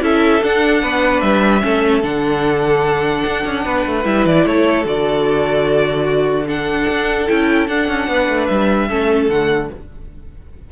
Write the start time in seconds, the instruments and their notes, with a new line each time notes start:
0.00 cello C#4, viola E4, violin A4 E5
0.42 cello D4, viola D4, violin F#5
0.81 cello B3, violin B4
1.20 cello G3, violin E5
1.61 cello A3, viola C#4, violin A4
2.02 cello D3, viola D4, violin F#5
3.25 cello D4
3.45 cello C#4
3.65 cello B3, violin B4
3.85 cello A3
4.04 cello G3, viola E4, violin E5
4.25 cello E3, violin D5
4.45 cello A3, violin A4 C#5
4.85 cello D3, viola F#4, violin D5
6.04 violin F#4
6.47 viola D4, violin A4 F#5
6.88 cello D4
7.27 cello C#4, viola E4, violin G5
7.67 cello D4, viola D4, violin F#5
7.87 cello C#4
8.07 cello B3, violin B4
8.28 cello A3
8.46 cello G3, violin E5
8.88 cello A3, viola C#4, violin A4
9.29 cello D3, viola A3, violin F#5